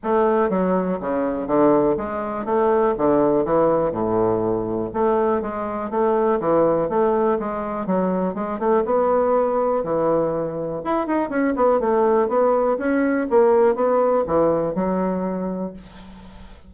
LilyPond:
\new Staff \with { instrumentName = "bassoon" } { \time 4/4 \tempo 4 = 122 a4 fis4 cis4 d4 | gis4 a4 d4 e4 | a,2 a4 gis4 | a4 e4 a4 gis4 |
fis4 gis8 a8 b2 | e2 e'8 dis'8 cis'8 b8 | a4 b4 cis'4 ais4 | b4 e4 fis2 | }